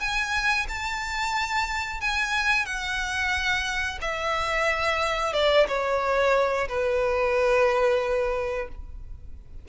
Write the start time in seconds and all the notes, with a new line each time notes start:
0.00 G#5
0.68 A5
2.01 G#5
2.66 F#5
4.02 E5
5.33 D5
5.68 C#5
6.68 B4